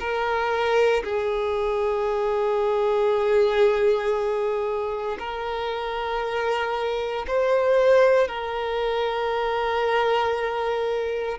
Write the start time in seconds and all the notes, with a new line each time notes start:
0.00 A#4
1.04 G#4
5.20 A#4
7.27 C5
8.28 A#4